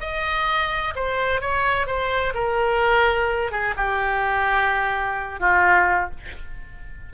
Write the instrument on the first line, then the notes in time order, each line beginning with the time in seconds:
oboe
0.00 D#5
0.95 C5
1.41 C#5
1.86 C5
2.34 A#4
3.51 G#4
3.76 G4
5.40 F4